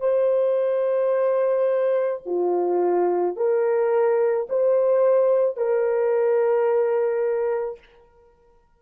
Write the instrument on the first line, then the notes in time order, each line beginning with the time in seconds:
horn
0.00 C5
2.26 F4
3.36 A#4
4.49 C5
5.57 A#4